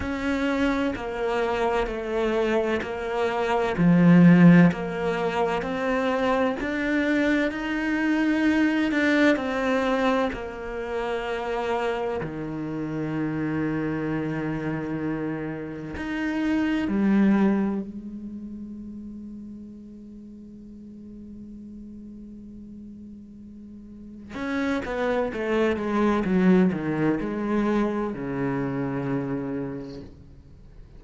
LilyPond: \new Staff \with { instrumentName = "cello" } { \time 4/4 \tempo 4 = 64 cis'4 ais4 a4 ais4 | f4 ais4 c'4 d'4 | dis'4. d'8 c'4 ais4~ | ais4 dis2.~ |
dis4 dis'4 g4 gis4~ | gis1~ | gis2 cis'8 b8 a8 gis8 | fis8 dis8 gis4 cis2 | }